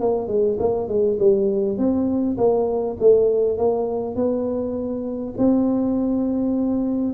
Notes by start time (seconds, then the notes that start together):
0.00 A#3
0.28 G#3
0.59 A#3
0.88 G#3
1.19 G3
1.78 C4
2.37 A#3
3.00 A3
3.58 A#3
4.15 B3
5.38 C4